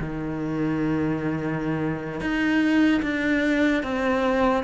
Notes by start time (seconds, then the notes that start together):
0.00 D#3
2.21 D#4
3.03 D4
3.83 C4